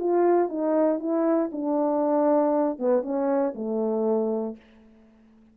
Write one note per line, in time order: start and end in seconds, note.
0.00 0.49 F4
0.49 1.00 D#4
1.00 1.50 E4
1.53 2.79 D4
2.79 3.03 B3
3.03 3.54 C#4
3.55 4.57 A3